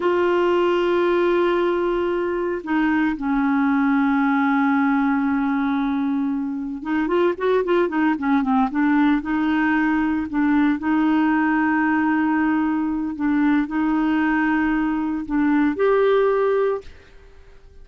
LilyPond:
\new Staff \with { instrumentName = "clarinet" } { \time 4/4 \tempo 4 = 114 f'1~ | f'4 dis'4 cis'2~ | cis'1~ | cis'4 dis'8 f'8 fis'8 f'8 dis'8 cis'8 |
c'8 d'4 dis'2 d'8~ | d'8 dis'2.~ dis'8~ | dis'4 d'4 dis'2~ | dis'4 d'4 g'2 | }